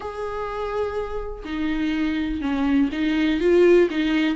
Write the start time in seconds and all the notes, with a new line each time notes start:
0.00 G#4
1.44 D#4
2.41 C#4
2.91 D#4
3.40 F4
3.90 D#4